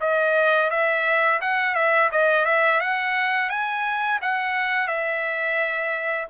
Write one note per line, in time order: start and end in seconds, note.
0.00 0.70 D#5
0.70 1.40 E5
1.41 1.74 F#5
1.74 2.09 E5
2.11 2.45 D#5
2.45 2.80 E5
2.80 3.49 F#5
3.49 4.19 G#5
4.21 4.87 F#5
4.87 6.27 E5